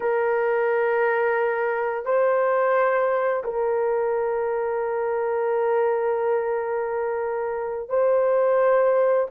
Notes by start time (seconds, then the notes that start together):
0.00 A#4
2.05 C5
3.44 A#4
7.89 C5